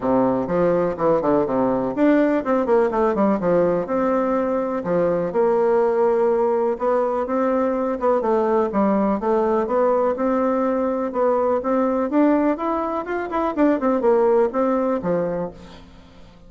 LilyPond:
\new Staff \with { instrumentName = "bassoon" } { \time 4/4 \tempo 4 = 124 c4 f4 e8 d8 c4 | d'4 c'8 ais8 a8 g8 f4 | c'2 f4 ais4~ | ais2 b4 c'4~ |
c'8 b8 a4 g4 a4 | b4 c'2 b4 | c'4 d'4 e'4 f'8 e'8 | d'8 c'8 ais4 c'4 f4 | }